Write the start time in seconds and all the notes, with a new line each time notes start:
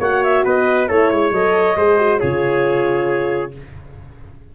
0.00 A#3 F#4 C#5 F#5
0.24 E5
0.45 B3 B4 D#5
0.89 A3 E4 A4 C#5
1.11 G#3 C#5
1.32 F#3 A4 D#5
1.76 G#3 G#4 C5
1.99 F#4
2.19 C#3 F4 G#4 C#5